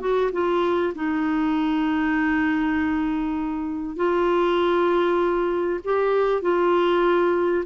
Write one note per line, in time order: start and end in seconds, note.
0.00 0.31 F#4
0.32 0.93 F4
0.95 3.96 D#4
3.96 5.80 F4
5.84 6.41 G4
6.41 7.64 F4